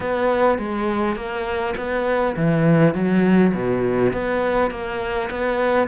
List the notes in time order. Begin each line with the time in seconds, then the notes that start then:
0.00 B3
0.58 G#3
1.16 A#3
1.76 B3
2.36 E3
2.94 F#3
3.54 B2
4.12 B3
4.71 A#3
5.30 B3